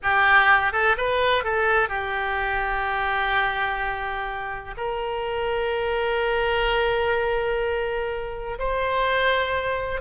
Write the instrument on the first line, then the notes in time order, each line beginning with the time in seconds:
oboe
0.02 G4
0.72 A4
0.97 B4
1.44 A4
1.89 G4
4.77 A#4
8.58 C5